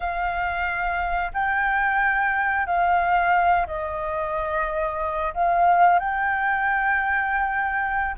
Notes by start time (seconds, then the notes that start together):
0.00 F5
1.33 G5
2.66 F5
3.66 D#5
5.34 F5
5.99 G5